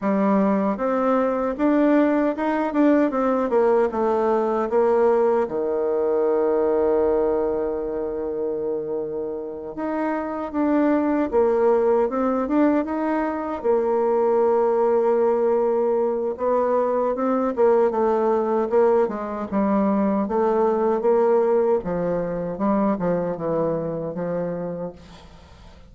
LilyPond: \new Staff \with { instrumentName = "bassoon" } { \time 4/4 \tempo 4 = 77 g4 c'4 d'4 dis'8 d'8 | c'8 ais8 a4 ais4 dis4~ | dis1~ | dis8 dis'4 d'4 ais4 c'8 |
d'8 dis'4 ais2~ ais8~ | ais4 b4 c'8 ais8 a4 | ais8 gis8 g4 a4 ais4 | f4 g8 f8 e4 f4 | }